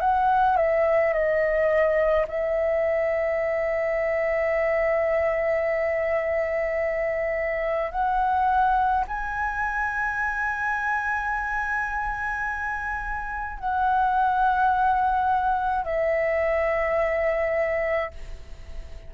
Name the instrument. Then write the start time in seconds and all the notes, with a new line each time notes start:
flute
0.00 F#5
0.57 E5
1.13 D#5
2.27 E5
7.91 F#5
9.07 G#5
13.59 F#5
15.84 E5